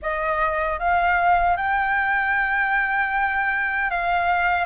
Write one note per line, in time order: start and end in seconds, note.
0.01 0.79 D#5
0.79 1.56 F5
1.56 3.90 G5
3.90 4.65 F5